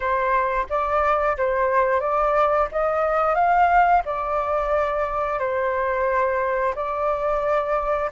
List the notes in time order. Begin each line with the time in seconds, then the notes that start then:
0.00 C5
0.69 D5
1.37 C5
2.00 D5
2.71 D#5
3.34 F5
4.05 D5
5.39 C5
6.75 D5